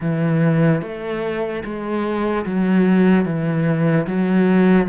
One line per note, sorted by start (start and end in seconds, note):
0.00 0.81 E3
0.82 1.63 A3
1.64 2.45 G#3
2.45 3.25 F#3
3.25 4.06 E3
4.06 4.87 F#3